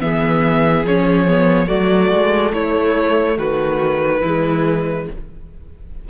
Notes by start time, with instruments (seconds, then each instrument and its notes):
0.00 cello E3, viola B3, violin G#4 E5
0.84 cello F3, viola C#4, violin C#5
1.28 viola B3
1.67 cello F#3, viola A3, violin F#4 D5
2.12 cello G#3
2.53 cello A3, violin E4 C#5
3.37 cello D#3, violin F#4 B4
4.20 cello E3, viola G#3, violin E4